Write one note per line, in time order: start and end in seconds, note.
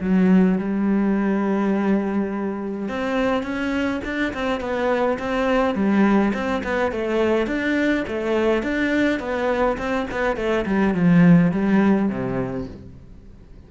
0.00 0.58 F#3
0.58 2.88 G3
2.88 3.42 C4
3.42 4.00 C#4
4.04 4.33 D4
4.33 4.60 C4
4.60 5.18 B3
5.18 5.74 C4
5.74 6.32 G3
6.33 6.62 C4
6.63 6.91 B3
6.91 7.46 A3
7.46 8.04 D4
8.07 8.62 A3
8.62 9.19 D4
9.19 9.77 B3
9.77 10.06 C4
10.11 10.36 B3
10.36 10.65 A3
10.65 10.94 G3
10.94 11.51 F3
11.51 12.09 G3
12.09 12.67 C3